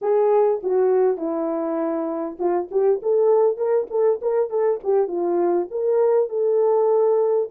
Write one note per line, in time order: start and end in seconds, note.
0.01 0.61 G#4
0.63 1.17 F#4
1.17 2.37 E4
2.39 2.69 F4
2.71 3.01 G4
3.02 3.57 A4
3.57 3.87 A#4
3.90 4.20 A4
4.21 4.50 A#4
4.50 4.80 A4
4.83 5.07 G4
5.07 5.67 F4
5.70 6.29 A#4
6.29 7.49 A4